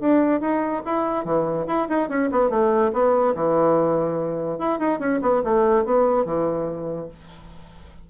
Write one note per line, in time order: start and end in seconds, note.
0.00 0.41 D4
0.41 0.82 D#4
0.85 1.25 E4
1.25 1.66 E3
1.67 1.88 E4
1.89 2.09 D#4
2.09 2.30 C#4
2.31 2.50 B3
2.50 2.91 A3
2.93 3.34 B3
3.35 4.59 E3
4.59 4.79 E4
4.79 4.99 D#4
4.99 5.20 C#4
5.22 5.42 B3
5.44 5.85 A3
5.85 6.25 B3
6.25 7.08 E3